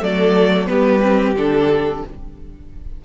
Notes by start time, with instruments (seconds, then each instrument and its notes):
0.00 cello F#3, viola A3, violin A4 D5
0.66 cello G3, viola B3, violin G4 B4
1.02 viola C4
1.35 cello D3, viola D4, violin A4